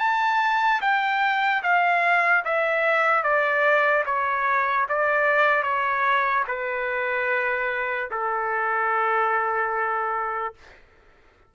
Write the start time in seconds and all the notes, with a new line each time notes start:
0.00 A5
0.81 G5
1.63 F5
2.45 E5
3.24 D5
4.06 C#5
4.89 D5
5.63 C#5
6.48 B4
8.11 A4